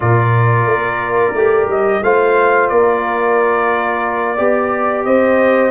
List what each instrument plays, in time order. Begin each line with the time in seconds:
0.00 tuba A#2, trombone F4, horn A#4, trumpet D5
0.66 tuba A#3
1.33 tuba A3, trombone G4
1.66 tuba G3, trumpet D#5
2.03 tuba A3, trombone F4, horn C5, trumpet F5
2.69 tuba A#3, horn A#4, trumpet D5
4.36 tuba B3, trombone G4, horn D5
5.04 tuba C4, horn C5, trumpet D#5